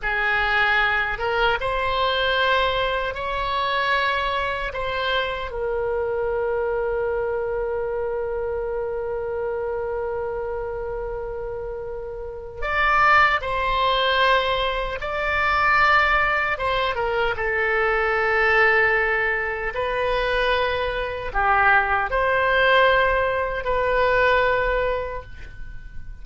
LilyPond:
\new Staff \with { instrumentName = "oboe" } { \time 4/4 \tempo 4 = 76 gis'4. ais'8 c''2 | cis''2 c''4 ais'4~ | ais'1~ | ais'1 |
d''4 c''2 d''4~ | d''4 c''8 ais'8 a'2~ | a'4 b'2 g'4 | c''2 b'2 | }